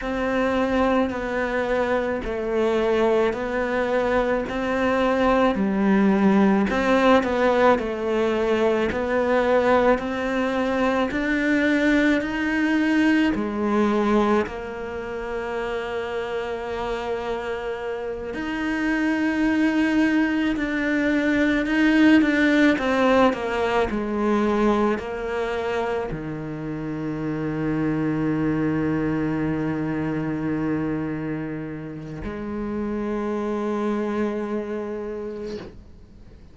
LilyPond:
\new Staff \with { instrumentName = "cello" } { \time 4/4 \tempo 4 = 54 c'4 b4 a4 b4 | c'4 g4 c'8 b8 a4 | b4 c'4 d'4 dis'4 | gis4 ais2.~ |
ais8 dis'2 d'4 dis'8 | d'8 c'8 ais8 gis4 ais4 dis8~ | dis1~ | dis4 gis2. | }